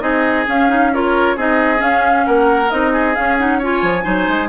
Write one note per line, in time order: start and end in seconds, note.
0.00 0.46 C4
0.00 0.45 D#4
0.00 0.91 G#4
0.00 0.45 D#5
0.46 0.68 C#4
0.46 1.36 C#4
0.46 0.93 F5
0.69 0.91 D#4
0.93 1.37 F4
0.93 1.36 A#4
0.93 1.38 C#5
1.36 1.81 C4
1.36 1.76 D#4
1.36 2.25 G#4
1.36 1.82 D#5
1.76 2.66 C#4
1.76 2.26 C#4
1.76 2.26 F5
2.26 2.71 A#3
2.26 2.92 A#4
2.26 2.70 F#5
2.70 3.16 C4
2.70 3.15 D#4
2.70 3.14 D#5
2.92 3.58 G#4
3.14 3.37 C#4
3.14 3.82 C#4
3.14 3.37 F5
3.38 3.61 D#4
3.38 3.60 F#5
3.58 4.02 F4
3.58 4.03 C#5
3.58 4.48 G#5
3.82 4.04 F3
4.02 4.28 F#3
4.02 4.47 D#4
4.02 4.48 C5
4.28 4.48 G#3